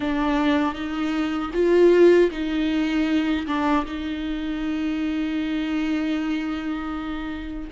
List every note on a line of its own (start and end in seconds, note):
0.00 0.74 D4
0.74 1.51 D#4
1.53 2.30 F4
2.31 3.46 D#4
3.46 3.85 D4
3.85 7.70 D#4